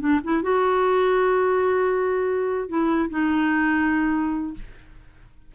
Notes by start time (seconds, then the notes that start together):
0.00 D4
0.24 E4
0.43 F#4
2.69 E4
3.10 D#4